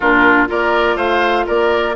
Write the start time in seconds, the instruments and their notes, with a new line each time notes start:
0.00 bassoon A#2, clarinet D4, oboe F4, flute A#4
0.47 bassoon A#3, clarinet F4, oboe A#4, flute D5
0.95 bassoon A3, oboe C5, flute F5
1.46 bassoon A#3, oboe A#4, flute D5